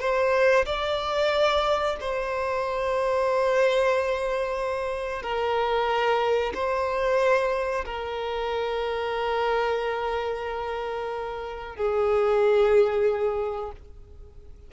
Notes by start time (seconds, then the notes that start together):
0.00 C5
0.66 D5
2.00 C5
5.22 A#4
6.54 C5
7.85 A#4
11.76 G#4